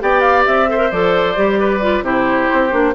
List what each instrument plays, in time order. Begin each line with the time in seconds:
0.00 bassoon B3, clarinet G4, oboe D5, flute G5
0.20 flute F5
0.45 bassoon C4, flute E5
0.68 clarinet A4, oboe C5
0.77 clarinet A#4
0.91 bassoon F3, clarinet A4, flute D5
1.35 bassoon G3, clarinet G4
1.59 oboe B4
1.81 clarinet F4
2.01 bassoon C3, clarinet E4, oboe G4, flute C5
2.52 bassoon C4
2.70 bassoon A#3, clarinet D4